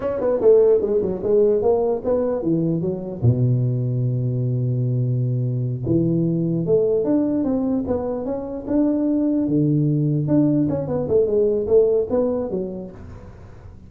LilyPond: \new Staff \with { instrumentName = "tuba" } { \time 4/4 \tempo 4 = 149 cis'8 b8 a4 gis8 fis8 gis4 | ais4 b4 e4 fis4 | b,1~ | b,2~ b,8 e4.~ |
e8 a4 d'4 c'4 b8~ | b8 cis'4 d'2 d8~ | d4. d'4 cis'8 b8 a8 | gis4 a4 b4 fis4 | }